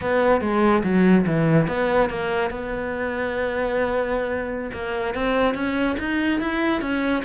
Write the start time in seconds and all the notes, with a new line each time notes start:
0.01 B3
0.40 G#3
0.83 F#3
1.26 E3
1.67 B3
2.09 A#3
2.50 B3
4.73 A#3
5.14 C4
5.54 C#4
5.99 D#4
6.40 E4
6.81 C#4